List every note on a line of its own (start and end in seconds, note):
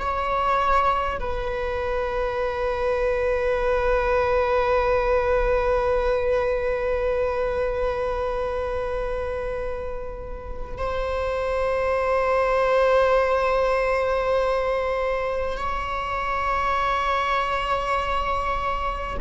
0.00 1.20 C#5
1.20 10.78 B4
10.78 15.58 C5
15.58 19.18 C#5